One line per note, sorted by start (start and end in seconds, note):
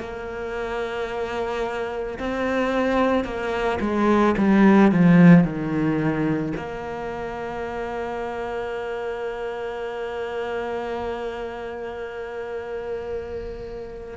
0.00 2.18 A#3
2.19 3.24 C4
3.24 3.79 A#3
3.81 4.35 G#3
4.38 4.91 G3
4.91 5.44 F3
5.44 6.54 D#3
6.57 14.17 A#3